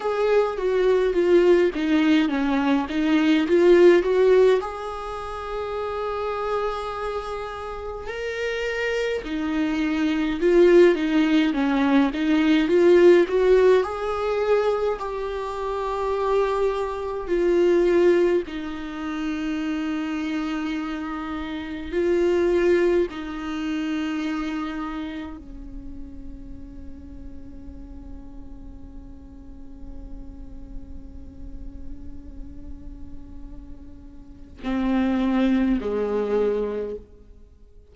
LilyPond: \new Staff \with { instrumentName = "viola" } { \time 4/4 \tempo 4 = 52 gis'8 fis'8 f'8 dis'8 cis'8 dis'8 f'8 fis'8 | gis'2. ais'4 | dis'4 f'8 dis'8 cis'8 dis'8 f'8 fis'8 | gis'4 g'2 f'4 |
dis'2. f'4 | dis'2 cis'2~ | cis'1~ | cis'2 c'4 gis4 | }